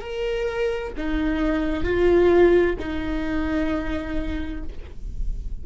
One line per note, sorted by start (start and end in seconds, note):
0.00 0.92 A#4
0.97 1.84 D#4
1.84 2.76 F4
2.79 4.63 D#4